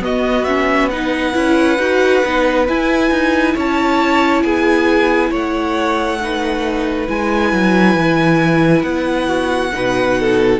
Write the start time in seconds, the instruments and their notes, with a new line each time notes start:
0.00 viola B3, cello B3, violin F#4 D#5
0.44 viola C#4, violin E5
0.90 viola D#4, violin B4 F#5
1.32 cello C#4, viola E4
1.78 cello D#4, viola F#4
2.24 cello B3, viola D#4
2.67 viola E4, cello E4, violin G#5
3.10 cello D#4
3.54 cello C#4, violin C#5 A5
4.42 cello B3, violin G#4 G#5
5.30 cello A3, violin C#5 F#5
6.21 viola D#4, violin B4
7.07 cello G#3, viola E4, violin G#5
7.52 cello F#3
7.94 cello E3
8.82 cello B3, violin F#5
9.27 violin F#4
9.73 cello B2, viola D#4, violin B4
10.19 violin A4